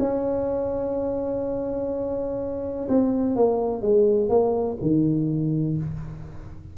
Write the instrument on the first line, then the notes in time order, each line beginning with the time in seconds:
tuba
0.00 C#4
2.89 C4
3.36 A#3
3.82 G#3
4.29 A#3
4.82 D#3